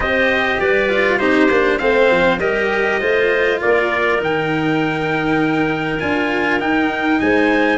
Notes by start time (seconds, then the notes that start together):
0.00 C4 G4 C5 D#5
0.60 G3 B4 D5
0.89 F4
1.18 C4 D#4 G4 C5
1.49 A#3 D4
1.78 A3 C4 C5 F5
2.10 F3
2.38 G3 G4 A#4 D#5
3.00 A3 F4 C5
3.60 A#3 A#4 D5
4.18 D#3 D#4 G5
5.99 D4 F4 G#5
6.59 D#4 G5
7.20 G#3 C5 G#5